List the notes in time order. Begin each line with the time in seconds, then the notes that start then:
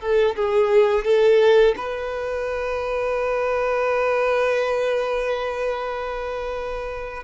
0.00 A4
0.35 G#4
1.04 A4
1.76 B4